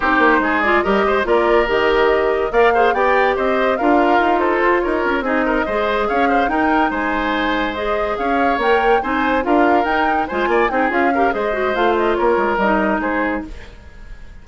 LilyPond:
<<
  \new Staff \with { instrumentName = "flute" } { \time 4/4 \tempo 4 = 143 c''4. d''8 dis''4 d''4 | dis''2 f''4 g''4 | dis''4 f''4. c''4 cis''8~ | cis''8 dis''2 f''4 g''8~ |
g''8 gis''2 dis''4 f''8~ | f''8 g''4 gis''4 f''4 g''8~ | g''8 gis''4 g''8 f''4 dis''4 | f''8 dis''8 cis''4 dis''4 c''4 | }
  \new Staff \with { instrumentName = "oboe" } { \time 4/4 g'4 gis'4 ais'8 c''8 ais'4~ | ais'2 d''8 c''8 d''4 | c''4 ais'4. a'4 ais'8~ | ais'8 gis'8 ais'8 c''4 cis''8 c''8 ais'8~ |
ais'8 c''2. cis''8~ | cis''4. c''4 ais'4.~ | ais'8 c''8 d''8 gis'4 ais'8 c''4~ | c''4 ais'2 gis'4 | }
  \new Staff \with { instrumentName = "clarinet" } { \time 4/4 dis'4. f'8 g'4 f'4 | g'2 ais'8 gis'8 g'4~ | g'4 f'2.~ | f'8 dis'4 gis'2 dis'8~ |
dis'2~ dis'8 gis'4.~ | gis'8 ais'4 dis'4 f'4 dis'8~ | dis'8 f'4 dis'8 f'8 g'8 gis'8 fis'8 | f'2 dis'2 | }
  \new Staff \with { instrumentName = "bassoon" } { \time 4/4 c'8 ais8 gis4 g8 gis8 ais4 | dis2 ais4 b4 | c'4 d'4 dis'4 f'8 dis'8 | cis'8 c'4 gis4 cis'4 dis'8~ |
dis'8 gis2. cis'8~ | cis'8 ais4 c'4 d'4 dis'8~ | dis'8 gis8 ais8 c'8 cis'4 gis4 | a4 ais8 gis8 g4 gis4 | }
>>